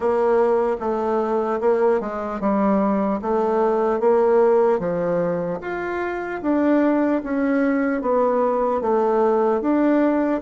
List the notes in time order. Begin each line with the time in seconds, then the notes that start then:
0.00 A#3
0.80 A3
1.60 A#3
2.00 G#3
2.40 G3
3.21 A3
4.00 A#3
4.79 F3
5.61 F4
6.42 D4
7.23 C#4
8.01 B3
8.81 A3
9.61 D4